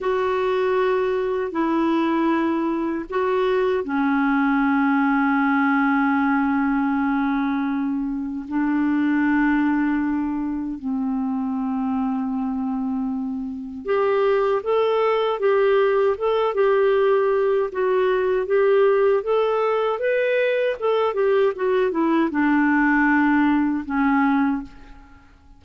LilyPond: \new Staff \with { instrumentName = "clarinet" } { \time 4/4 \tempo 4 = 78 fis'2 e'2 | fis'4 cis'2.~ | cis'2. d'4~ | d'2 c'2~ |
c'2 g'4 a'4 | g'4 a'8 g'4. fis'4 | g'4 a'4 b'4 a'8 g'8 | fis'8 e'8 d'2 cis'4 | }